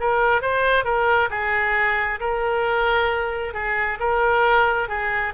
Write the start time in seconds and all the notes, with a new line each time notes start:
0.00 A#4
0.42 C5
0.84 A#4
1.30 G#4
2.20 A#4
3.53 G#4
4.00 A#4
4.88 G#4